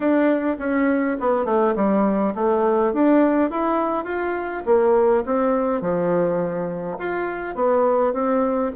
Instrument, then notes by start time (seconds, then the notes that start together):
bassoon
0.00 D4
0.59 C#4
1.19 B3
1.45 A3
1.75 G3
2.35 A3
2.93 D4
3.50 E4
4.04 F4
4.65 A#3
5.25 C4
5.81 F3
6.98 F4
7.55 B3
8.13 C4